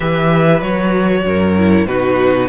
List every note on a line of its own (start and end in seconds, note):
0.00 0.61 E3
0.00 0.61 G4
0.00 1.22 B4
0.00 0.61 E5
0.61 1.24 F#3
0.61 1.56 F#4
0.61 1.86 C#5
1.24 1.86 F#2
1.24 1.87 A#4
1.57 1.88 E4
1.86 2.48 B2
1.86 2.48 D#4
1.86 2.48 F#4
1.86 2.48 B4